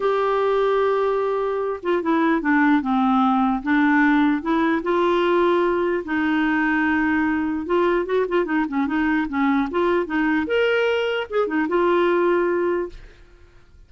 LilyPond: \new Staff \with { instrumentName = "clarinet" } { \time 4/4 \tempo 4 = 149 g'1~ | g'8 f'8 e'4 d'4 c'4~ | c'4 d'2 e'4 | f'2. dis'4~ |
dis'2. f'4 | fis'8 f'8 dis'8 cis'8 dis'4 cis'4 | f'4 dis'4 ais'2 | gis'8 dis'8 f'2. | }